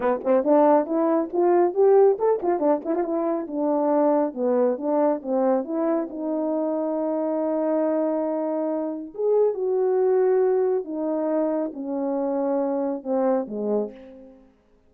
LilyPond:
\new Staff \with { instrumentName = "horn" } { \time 4/4 \tempo 4 = 138 b8 c'8 d'4 e'4 f'4 | g'4 a'8 f'8 d'8 e'16 f'16 e'4 | d'2 b4 d'4 | c'4 e'4 dis'2~ |
dis'1~ | dis'4 gis'4 fis'2~ | fis'4 dis'2 cis'4~ | cis'2 c'4 gis4 | }